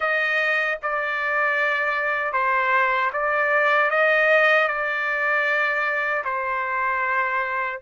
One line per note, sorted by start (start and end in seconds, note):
0.00 0.78 D#5
0.82 2.32 D5
2.32 3.10 C5
3.12 3.90 D5
3.90 4.68 D#5
4.68 6.23 D5
6.24 7.80 C5